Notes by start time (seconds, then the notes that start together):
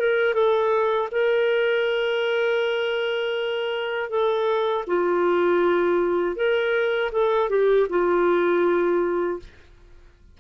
0.00 A#4
0.34 A4
1.12 A#4
4.10 A4
4.88 F4
6.36 A#4
7.12 A4
7.50 G4
7.90 F4